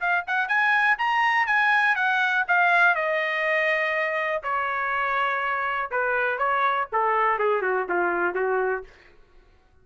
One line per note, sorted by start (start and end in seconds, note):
0.00 0.25 F5
0.27 0.48 F#5
0.48 0.97 G#5
0.98 1.47 A#5
1.47 1.96 G#5
1.96 2.45 F#5
2.48 2.95 F5
2.95 4.43 D#5
4.43 5.91 C#5
5.91 6.38 B4
6.38 6.87 C#5
6.92 7.39 A4
7.39 7.62 G#4
7.62 7.87 F#4
7.89 8.35 F4
8.35 8.84 F#4